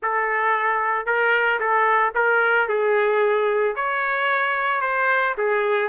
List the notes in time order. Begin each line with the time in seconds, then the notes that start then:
0.02 A4
1.06 A#4
1.59 A4
2.14 A#4
2.68 G#4
3.75 C#5
4.81 C5
5.37 G#4